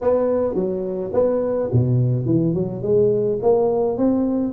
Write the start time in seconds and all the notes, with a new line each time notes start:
0.01 B3
0.54 F#3
1.13 B3
1.72 B2
2.25 E3
2.54 F#3
2.82 G#3
3.41 A#3
3.97 C4